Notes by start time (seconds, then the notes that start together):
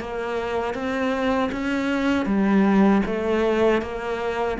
0.00 A#3
0.74 C4
1.52 C#4
2.25 G3
3.06 A3
3.81 A#3